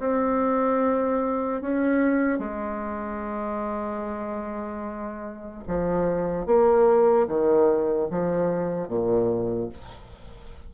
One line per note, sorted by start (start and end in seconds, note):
0.00 1.62 C4
1.62 2.39 C#4
2.39 5.64 G#3
5.68 6.47 F3
6.47 7.28 A#3
7.28 8.09 D#3
8.11 8.88 F3
8.88 9.69 A#2